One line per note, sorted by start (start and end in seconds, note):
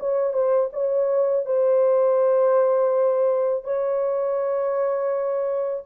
0.00 0.34 C#5
0.34 0.70 C5
0.74 1.46 C#5
1.46 3.64 C5
3.64 5.84 C#5